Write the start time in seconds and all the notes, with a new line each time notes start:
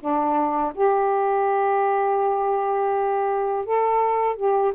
0.00 D4
0.75 G4
3.66 A4
4.37 G4